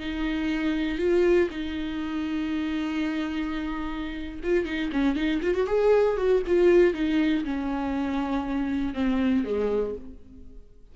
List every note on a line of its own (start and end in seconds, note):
0.00 0.99 D#4
0.99 1.49 F4
1.51 4.40 D#4
4.43 4.65 F4
4.65 4.90 D#4
4.93 5.16 C#4
5.16 5.41 D#4
5.42 5.55 F4
5.55 5.67 F#4
5.67 6.17 G#4
6.17 6.43 F#4
6.47 6.94 F4
6.94 7.44 D#4
7.45 8.94 C#4
8.94 9.45 C4
9.45 9.95 G#3